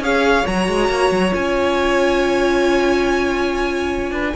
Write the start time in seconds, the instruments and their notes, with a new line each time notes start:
0.00 cello C#4, viola G#4, violin C#5 F5
0.46 cello F#3, viola F#4, violin A#5
0.68 cello G#3
0.89 cello A#3
1.11 cello F#3
1.31 cello C#4, viola F4, violin G#5
4.11 cello D4, violin B4